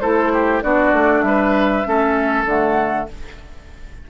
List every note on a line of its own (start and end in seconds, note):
0.00 0.63 A3
0.00 0.62 E4
0.00 0.32 A4
0.00 0.61 C5
0.33 0.63 G4
0.62 0.93 B3
0.62 1.84 D4
0.62 1.24 F#4
0.62 1.22 D5
0.93 1.23 A3
1.22 1.84 G3
1.22 1.87 B4
1.22 2.44 E5
1.84 2.45 A3
1.84 2.45 C#4
1.84 3.10 A4
2.45 3.06 D3
2.45 3.08 A3
2.45 3.09 F#5